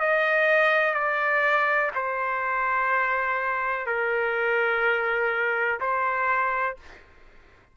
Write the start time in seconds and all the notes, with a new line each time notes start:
0.00 D#5
0.94 D5
1.95 C5
3.86 A#4
5.80 C5